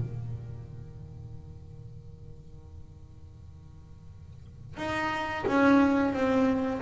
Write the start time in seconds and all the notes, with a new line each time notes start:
0.00 D#3
4.77 D#4
5.46 C#4
6.13 C4